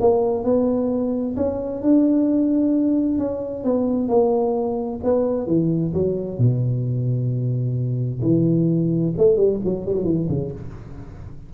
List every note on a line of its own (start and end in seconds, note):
0.00 0.44 A#3
0.44 1.36 B3
1.36 1.82 C#4
1.82 3.18 D4
3.18 3.63 C#4
3.63 4.08 B3
4.08 5.00 A#3
5.03 5.47 B3
5.47 5.93 E3
5.93 6.38 F#3
6.38 8.21 B2
8.22 9.13 E3
9.17 9.36 A3
9.36 9.59 G3
9.64 9.85 F#3
9.85 9.93 G3
9.93 10.04 F#3
10.04 10.27 E3
10.28 10.51 C#3